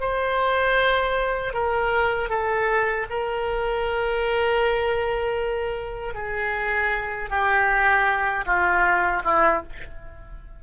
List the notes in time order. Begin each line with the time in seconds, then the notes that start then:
0.00 C5
1.53 A#4
2.29 A4
3.10 A#4
6.14 G#4
7.30 G4
8.45 F4
9.24 E4